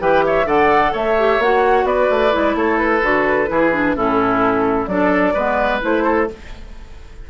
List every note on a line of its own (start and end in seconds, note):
0.00 0.45 E3
0.00 0.46 G4
0.00 0.25 B4
0.00 0.25 G5
0.26 0.47 C#5
0.26 0.48 E5
0.45 0.92 D3
0.45 1.15 A4
0.45 0.93 D5
0.45 0.94 F#5
0.93 1.39 A3
0.93 1.86 C#5
0.93 1.42 E5
1.18 1.41 G4
1.39 1.84 A#3
1.39 2.31 F#4
1.39 1.87 F#5
1.84 2.07 B3
1.84 2.56 B4
1.84 2.56 D5
2.10 2.34 A3
2.31 2.55 G#3
2.31 3.01 E4
2.55 3.01 A3
2.55 3.50 A4
2.55 2.78 C#5
2.78 3.94 B4
3.02 3.50 D3
3.02 3.47 F#4
3.47 3.96 E3
3.47 3.71 E4
3.47 3.96 G#4
3.72 3.96 D4
3.96 4.87 A2
3.96 4.89 C#4
3.96 4.89 E4
3.96 4.87 A4
4.87 5.34 F#3
4.87 5.36 D4
4.87 5.34 A4
4.87 5.80 D5
5.34 5.81 G#3
5.34 5.81 B3
5.34 6.04 B4
5.81 6.30 A3
5.81 6.27 E4
5.81 6.30 C5
6.04 6.28 A4